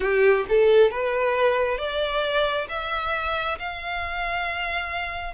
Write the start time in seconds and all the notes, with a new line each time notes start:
0.00 G4
0.48 A4
0.90 B4
1.78 D5
2.69 E5
3.58 F5